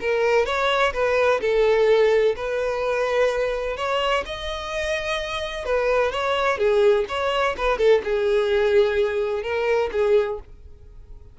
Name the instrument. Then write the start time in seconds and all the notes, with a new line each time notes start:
violin
0.00 A#4
0.45 C#5
0.93 B4
1.40 A4
2.36 B4
3.76 C#5
4.25 D#5
5.65 B4
6.11 C#5
6.58 G#4
7.08 C#5
7.57 B4
7.78 A4
8.04 G#4
9.43 A#4
9.92 G#4